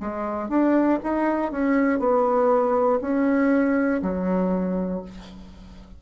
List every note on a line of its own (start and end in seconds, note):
0.00 0.48 G#3
0.48 0.98 D4
1.03 1.51 D#4
1.51 1.99 C#4
1.99 2.99 B3
3.01 4.01 C#4
4.01 5.01 F#3